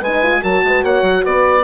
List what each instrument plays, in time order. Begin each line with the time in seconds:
0.00 bassoon G#3, horn B4, oboe G#5
0.06 horn D#4
0.23 horn F4
0.41 bassoon F#3, horn F#4 A#4, oboe A5
0.64 bassoon G#3, horn B4
0.83 bassoon A#3, horn C#5, oboe F#5
1.02 bassoon F#3
1.24 bassoon B3, horn B4, oboe D5